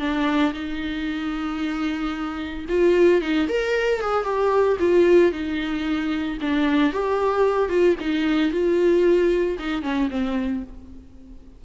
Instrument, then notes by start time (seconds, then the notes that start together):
viola
0.00 D4
0.54 D#4
2.69 F4
3.22 D#4
3.49 A#4
4.01 G#4
4.24 G4
4.80 F4
5.32 D#4
6.42 D4
6.93 G4
7.69 F4
8.00 D#4
8.52 F4
9.59 D#4
9.83 C#4
10.11 C4